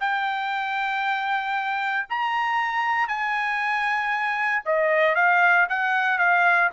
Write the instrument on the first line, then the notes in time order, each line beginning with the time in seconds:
trumpet
0.00 G5
2.09 A#5
3.08 G#5
4.65 D#5
5.15 F5
5.69 F#5
6.19 F5